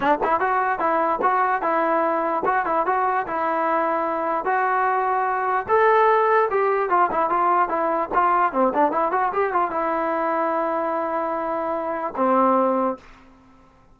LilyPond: \new Staff \with { instrumentName = "trombone" } { \time 4/4 \tempo 4 = 148 d'8 e'8 fis'4 e'4 fis'4 | e'2 fis'8 e'8 fis'4 | e'2. fis'4~ | fis'2 a'2 |
g'4 f'8 e'8 f'4 e'4 | f'4 c'8 d'8 e'8 fis'8 g'8 f'8 | e'1~ | e'2 c'2 | }